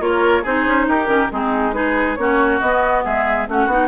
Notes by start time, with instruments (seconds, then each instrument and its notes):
0.00 bassoon A#3, clarinet F4, oboe A#4, flute C#5
0.42 bassoon C4, clarinet D#4, oboe G#4, flute C5
0.66 bassoon C#4
0.87 bassoon D#4, oboe G4, flute A#4
1.06 bassoon D#3, clarinet C#4
1.31 bassoon G#3, clarinet C4, oboe D#4, flute G#4
1.73 clarinet D#4, oboe G#4, flute B4
2.15 bassoon A#3, clarinet C#4, oboe F#4, flute C#5
2.60 bassoon B3, clarinet B3, flute D#5
3.04 bassoon G#3, oboe G#4, flute E5
3.48 bassoon A3, clarinet C#4, oboe F#4, flute F#5
3.66 bassoon B3, clarinet D#4